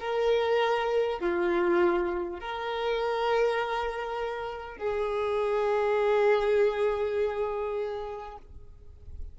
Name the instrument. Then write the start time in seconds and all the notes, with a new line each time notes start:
violin
0.00 A#4
1.20 F4
2.39 A#4
4.77 G#4